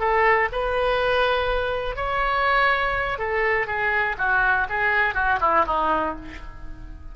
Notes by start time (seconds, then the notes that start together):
0.00 A4
0.53 B4
1.96 C#5
3.19 A4
3.67 G#4
4.18 F#4
4.69 G#4
5.15 F#4
5.41 E4
5.67 D#4